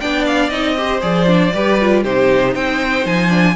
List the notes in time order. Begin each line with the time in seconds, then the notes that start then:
0.00 B3 D4 D5 G5
0.26 F5
0.50 C4 D#4 D#5
0.77 G4 C5
1.02 F3 G#4 D5
1.27 D4
1.54 G3 G4 B4
1.81 F4
2.03 C3 D#4 G4 C5
2.53 C4 C5 G5
3.06 F3 G#5
3.29 D4